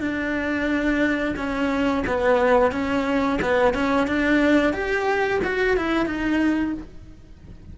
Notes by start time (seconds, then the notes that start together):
0.00 D4
1.36 C#4
2.07 B3
2.72 C#4
3.41 B3
3.74 C#4
4.07 D4
4.73 G4
5.44 F#4
5.77 E4
6.06 D#4